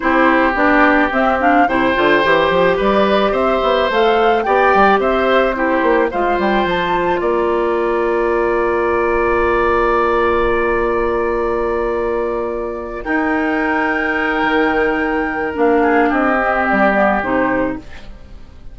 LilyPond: <<
  \new Staff \with { instrumentName = "flute" } { \time 4/4 \tempo 4 = 108 c''4 d''4 e''8 f''8 g''4~ | g''4 d''4 e''4 f''4 | g''4 e''4 c''4 f''8 g''8 | a''4 ais''2.~ |
ais''1~ | ais''2.~ ais''8 g''8~ | g''1 | f''4 dis''4 d''4 c''4 | }
  \new Staff \with { instrumentName = "oboe" } { \time 4/4 g'2. c''4~ | c''4 b'4 c''2 | d''4 c''4 g'4 c''4~ | c''4 d''2.~ |
d''1~ | d''2.~ d''8 ais'8~ | ais'1~ | ais'8 gis'8 g'2. | }
  \new Staff \with { instrumentName = "clarinet" } { \time 4/4 e'4 d'4 c'8 d'8 e'8 f'8 | g'2. a'4 | g'2 e'4 f'4~ | f'1~ |
f'1~ | f'2.~ f'8 dis'8~ | dis'1 | d'4. c'4 b8 dis'4 | }
  \new Staff \with { instrumentName = "bassoon" } { \time 4/4 c'4 b4 c'4 c8 d8 | e8 f8 g4 c'8 b8 a4 | b8 g8 c'4. ais8 gis8 g8 | f4 ais2.~ |
ais1~ | ais2.~ ais8 dis'8~ | dis'2 dis2 | ais4 c'4 g4 c4 | }
>>